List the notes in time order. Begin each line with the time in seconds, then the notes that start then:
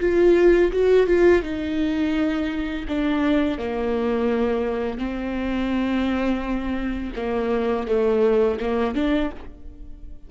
0.00 F4
0.72 F#4
1.07 F4
1.43 D#4
2.88 D4
3.58 A#3
4.98 C4
7.16 A#3
7.88 A3
8.60 A#3
8.95 D4